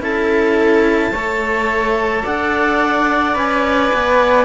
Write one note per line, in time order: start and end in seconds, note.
0.00 1.11 C#4
0.00 1.12 E4
0.00 1.12 A4
0.00 2.25 A5
1.12 2.23 A3
1.12 3.34 A4
1.12 2.23 C#5
2.23 3.36 D4
2.23 4.45 D5
2.23 3.37 F#5
3.34 3.91 C#4
3.34 4.45 B4
3.34 4.45 G#5
3.93 4.45 B3